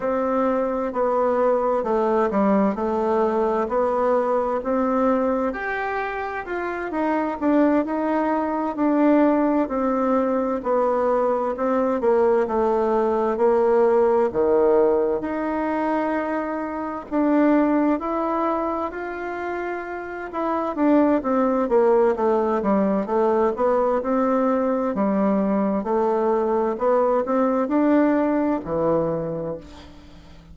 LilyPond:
\new Staff \with { instrumentName = "bassoon" } { \time 4/4 \tempo 4 = 65 c'4 b4 a8 g8 a4 | b4 c'4 g'4 f'8 dis'8 | d'8 dis'4 d'4 c'4 b8~ | b8 c'8 ais8 a4 ais4 dis8~ |
dis8 dis'2 d'4 e'8~ | e'8 f'4. e'8 d'8 c'8 ais8 | a8 g8 a8 b8 c'4 g4 | a4 b8 c'8 d'4 e4 | }